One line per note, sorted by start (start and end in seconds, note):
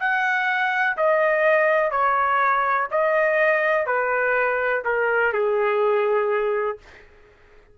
0.00 0.97 F#5
0.97 1.91 D#5
1.91 2.88 C#5
2.91 3.86 D#5
3.86 4.83 B4
4.85 5.33 A#4
5.33 6.78 G#4